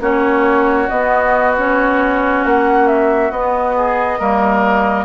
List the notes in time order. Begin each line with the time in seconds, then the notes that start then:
0.00 A#3 C#4 F#4 C#5
0.89 B3 D#5
1.57 C#4 C#5
2.44 A#3 F#5
2.87 E5
3.31 B3 D#5
3.77 G#4
4.19 G3 A#3 A#4